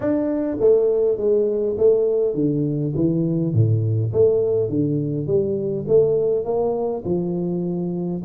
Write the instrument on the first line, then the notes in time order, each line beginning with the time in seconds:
tuba
0.00 D4
0.60 A3
1.17 G#3
1.77 A3
2.34 D3
2.95 E3
3.53 A2
4.12 A3
4.69 D3
5.26 G3
5.87 A3
6.44 A#3
7.05 F3